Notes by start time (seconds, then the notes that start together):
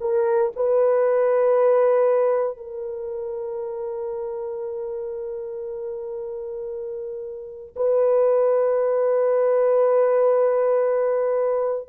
0.00 A#4
0.55 B4
2.57 A#4
7.76 B4